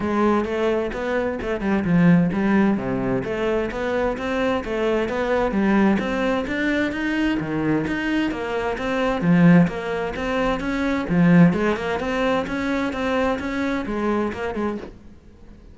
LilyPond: \new Staff \with { instrumentName = "cello" } { \time 4/4 \tempo 4 = 130 gis4 a4 b4 a8 g8 | f4 g4 c4 a4 | b4 c'4 a4 b4 | g4 c'4 d'4 dis'4 |
dis4 dis'4 ais4 c'4 | f4 ais4 c'4 cis'4 | f4 gis8 ais8 c'4 cis'4 | c'4 cis'4 gis4 ais8 gis8 | }